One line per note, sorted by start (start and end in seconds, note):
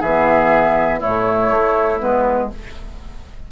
0.00 1.01 E3
0.00 1.00 B3
0.00 0.99 G#4
0.00 1.01 E5
0.99 1.50 A2
0.99 1.99 A3
0.99 2.48 E4
0.99 2.00 C#5
1.50 1.99 A3
1.99 2.51 G#3
1.99 2.48 B3
1.99 2.49 B4